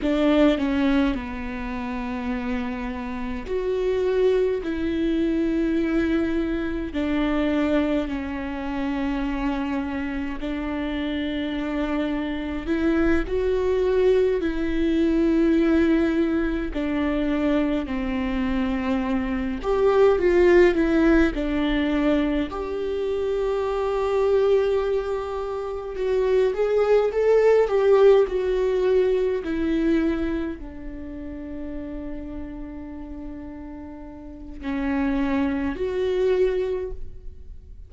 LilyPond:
\new Staff \with { instrumentName = "viola" } { \time 4/4 \tempo 4 = 52 d'8 cis'8 b2 fis'4 | e'2 d'4 cis'4~ | cis'4 d'2 e'8 fis'8~ | fis'8 e'2 d'4 c'8~ |
c'4 g'8 f'8 e'8 d'4 g'8~ | g'2~ g'8 fis'8 gis'8 a'8 | g'8 fis'4 e'4 d'4.~ | d'2 cis'4 fis'4 | }